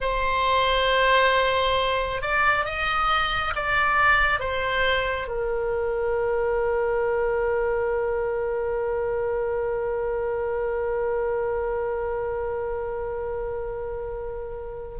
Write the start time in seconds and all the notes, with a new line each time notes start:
0.00 C5
2.21 D5
2.65 D#5
3.55 D5
4.39 C5
5.27 A#4